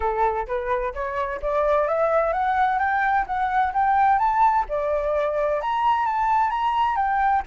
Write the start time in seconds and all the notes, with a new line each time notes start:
0.00 A4
0.47 B4
0.94 C#5
1.41 D5
1.88 E5
2.32 F#5
2.79 G5
3.26 F#5
3.73 G5
4.18 A5
4.68 D5
5.61 A#5
6.06 A5
6.50 A#5
6.96 G5